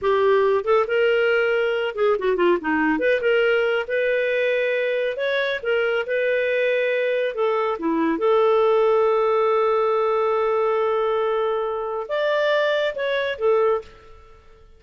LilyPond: \new Staff \with { instrumentName = "clarinet" } { \time 4/4 \tempo 4 = 139 g'4. a'8 ais'2~ | ais'8 gis'8 fis'8 f'8 dis'4 b'8 ais'8~ | ais'4 b'2. | cis''4 ais'4 b'2~ |
b'4 a'4 e'4 a'4~ | a'1~ | a'1 | d''2 cis''4 a'4 | }